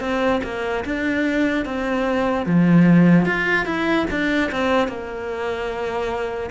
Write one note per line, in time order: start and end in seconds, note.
0.00 0.41 C4
0.43 0.84 A#3
0.85 1.65 D4
1.65 2.46 C4
2.46 3.25 F3
3.25 3.66 F4
3.66 4.06 E4
4.10 4.51 D4
4.51 4.88 C4
4.88 6.50 A#3